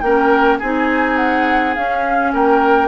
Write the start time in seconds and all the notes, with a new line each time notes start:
0.00 A#3 C#4 A#4 G5
0.59 C4 D#4 G#4 G#5
1.17 F#5
1.74 C#4 F5
2.33 A#3 A#4 G5